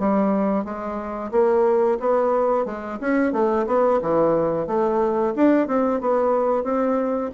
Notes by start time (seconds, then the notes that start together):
0.00 G3
0.65 G#3
1.32 A#3
2.01 B3
2.66 G#3
3.01 C#4
3.33 A3
3.67 B3
4.02 E3
4.68 A3
5.36 D4
5.68 C4
6.01 B3
6.65 C4